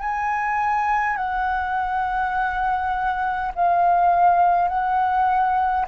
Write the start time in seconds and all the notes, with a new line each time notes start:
0.00 G#5
1.17 F#5
3.55 F5
4.68 F#5